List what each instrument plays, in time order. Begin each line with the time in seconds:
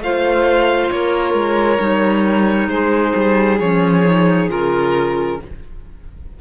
0.00 cello A3, clarinet F4, violin C5 F5
0.91 cello A#3, violin A#4 C#5
1.34 cello G#3
1.80 cello G3, clarinet D#4
2.69 cello G#3, violin G#4 C5
3.16 cello G3
3.60 cello F3, clarinet C#4, violin C#5
4.05 clarinet D#4
4.49 cello C#3, clarinet F4, violin A#4